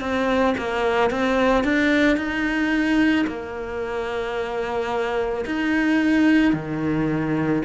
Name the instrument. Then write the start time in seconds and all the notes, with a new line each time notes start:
cello
0.00 C4
0.58 A#3
1.10 C4
1.64 D4
2.17 D#4
3.27 A#3
5.45 D#4
6.53 D#3